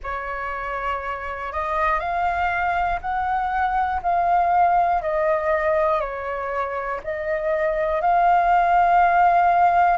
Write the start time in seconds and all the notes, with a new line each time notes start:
0.03 C#5
1.52 D#5
2.00 F5
3.01 F#5
4.02 F5
5.02 D#5
6.00 C#5
7.03 D#5
8.01 F5